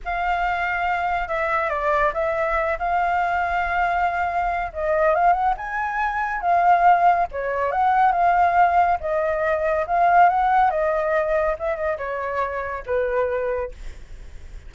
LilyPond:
\new Staff \with { instrumentName = "flute" } { \time 4/4 \tempo 4 = 140 f''2. e''4 | d''4 e''4. f''4.~ | f''2. dis''4 | f''8 fis''8 gis''2 f''4~ |
f''4 cis''4 fis''4 f''4~ | f''4 dis''2 f''4 | fis''4 dis''2 e''8 dis''8 | cis''2 b'2 | }